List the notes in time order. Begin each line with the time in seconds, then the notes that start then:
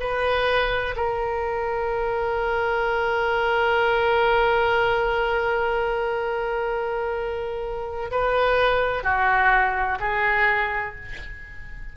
0.00 B4
0.97 A#4
8.11 B4
9.03 F#4
10.00 G#4